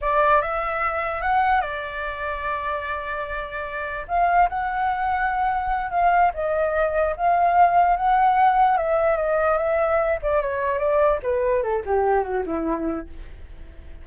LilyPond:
\new Staff \with { instrumentName = "flute" } { \time 4/4 \tempo 4 = 147 d''4 e''2 fis''4 | d''1~ | d''2 f''4 fis''4~ | fis''2~ fis''8 f''4 dis''8~ |
dis''4. f''2 fis''8~ | fis''4. e''4 dis''4 e''8~ | e''4 d''8 cis''4 d''4 b'8~ | b'8 a'8 g'4 fis'8 e'4. | }